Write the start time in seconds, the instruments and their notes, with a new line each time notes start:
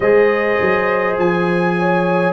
0.00 tuba G#3, trombone G#4, horn C5, trumpet D#5
0.61 tuba F#3
1.18 tuba F3, trumpet G#5
1.78 horn C#5